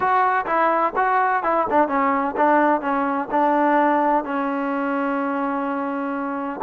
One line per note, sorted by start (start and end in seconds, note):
0.00 0.45 F#4
0.46 0.93 E4
0.96 1.43 F#4
1.43 1.66 E4
1.69 1.87 D4
1.87 2.35 C#4
2.36 2.81 D4
2.81 3.28 C#4
3.31 4.24 D4
4.24 6.60 C#4